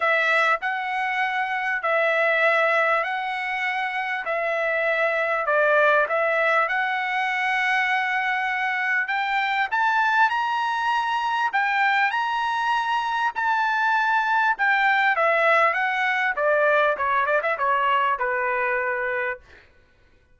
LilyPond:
\new Staff \with { instrumentName = "trumpet" } { \time 4/4 \tempo 4 = 99 e''4 fis''2 e''4~ | e''4 fis''2 e''4~ | e''4 d''4 e''4 fis''4~ | fis''2. g''4 |
a''4 ais''2 g''4 | ais''2 a''2 | g''4 e''4 fis''4 d''4 | cis''8 d''16 e''16 cis''4 b'2 | }